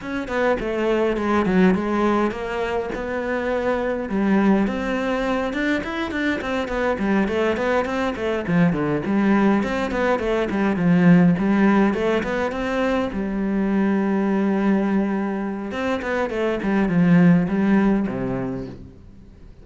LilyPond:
\new Staff \with { instrumentName = "cello" } { \time 4/4 \tempo 4 = 103 cis'8 b8 a4 gis8 fis8 gis4 | ais4 b2 g4 | c'4. d'8 e'8 d'8 c'8 b8 | g8 a8 b8 c'8 a8 f8 d8 g8~ |
g8 c'8 b8 a8 g8 f4 g8~ | g8 a8 b8 c'4 g4.~ | g2. c'8 b8 | a8 g8 f4 g4 c4 | }